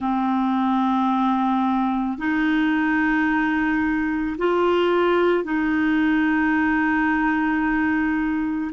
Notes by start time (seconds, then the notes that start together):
0.00 C4
2.18 D#4
4.38 F4
5.43 D#4